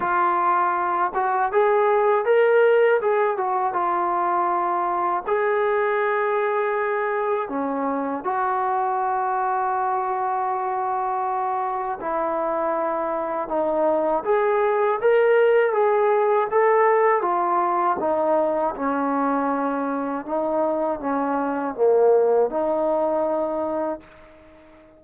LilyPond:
\new Staff \with { instrumentName = "trombone" } { \time 4/4 \tempo 4 = 80 f'4. fis'8 gis'4 ais'4 | gis'8 fis'8 f'2 gis'4~ | gis'2 cis'4 fis'4~ | fis'1 |
e'2 dis'4 gis'4 | ais'4 gis'4 a'4 f'4 | dis'4 cis'2 dis'4 | cis'4 ais4 dis'2 | }